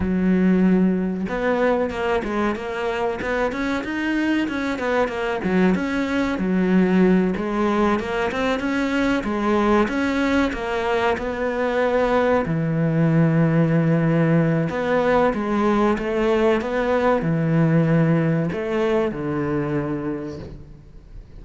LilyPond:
\new Staff \with { instrumentName = "cello" } { \time 4/4 \tempo 4 = 94 fis2 b4 ais8 gis8 | ais4 b8 cis'8 dis'4 cis'8 b8 | ais8 fis8 cis'4 fis4. gis8~ | gis8 ais8 c'8 cis'4 gis4 cis'8~ |
cis'8 ais4 b2 e8~ | e2. b4 | gis4 a4 b4 e4~ | e4 a4 d2 | }